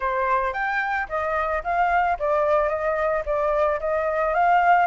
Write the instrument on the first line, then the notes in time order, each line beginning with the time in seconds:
flute
0.00 C5
0.53 G5
1.08 D#5
1.63 F5
2.19 D5
2.69 D#5
3.25 D5
3.80 D#5
4.34 F5